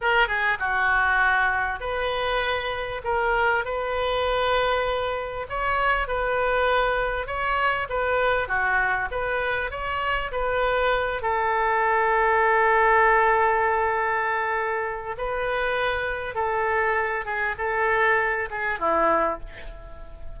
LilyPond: \new Staff \with { instrumentName = "oboe" } { \time 4/4 \tempo 4 = 99 ais'8 gis'8 fis'2 b'4~ | b'4 ais'4 b'2~ | b'4 cis''4 b'2 | cis''4 b'4 fis'4 b'4 |
cis''4 b'4. a'4.~ | a'1~ | a'4 b'2 a'4~ | a'8 gis'8 a'4. gis'8 e'4 | }